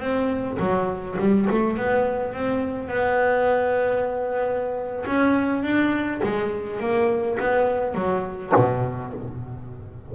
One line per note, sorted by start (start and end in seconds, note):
0.00 0.58 C4
0.60 1.17 F#3
1.20 1.48 G3
1.50 1.77 A3
1.77 2.34 B3
2.34 2.88 C4
2.88 5.05 B3
5.06 5.63 C#4
5.63 6.21 D4
6.23 6.80 G#3
6.80 7.38 A#3
7.40 7.95 B3
7.95 8.53 F#3
8.56 9.14 B2